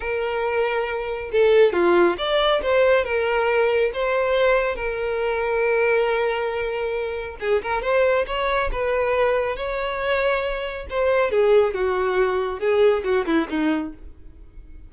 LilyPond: \new Staff \with { instrumentName = "violin" } { \time 4/4 \tempo 4 = 138 ais'2. a'4 | f'4 d''4 c''4 ais'4~ | ais'4 c''2 ais'4~ | ais'1~ |
ais'4 gis'8 ais'8 c''4 cis''4 | b'2 cis''2~ | cis''4 c''4 gis'4 fis'4~ | fis'4 gis'4 fis'8 e'8 dis'4 | }